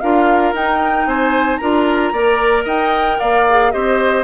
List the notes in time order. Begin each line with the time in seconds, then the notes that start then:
0.00 D4 F4 A#4 F5
0.53 D#4 G5
1.06 C4 C5 G#5
1.57 D4 F4 A#4 A#5
2.13 A#3 A#4 D5
2.64 D#4 D#5 G5
3.19 A#3 D5 F5
3.49 G#4
3.71 C4 G4 C5 D#5